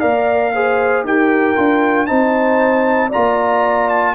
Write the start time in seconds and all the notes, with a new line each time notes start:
0.00 A#3 A#4 D5 F5
0.54 G#4 C5
1.04 D#4 G4 A#4 G5
1.56 D4 F4
2.06 C4 D#4 C5 A5
3.09 F4 D5 A#5
3.16 A#3
3.89 A5